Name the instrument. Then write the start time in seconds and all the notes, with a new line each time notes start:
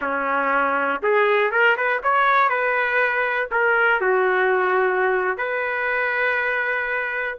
trumpet
0.01 C#4
1.02 G#4
1.51 A#4
1.76 B4
2.03 C#5
2.49 B4
3.51 A#4
4.00 F#4
5.38 B4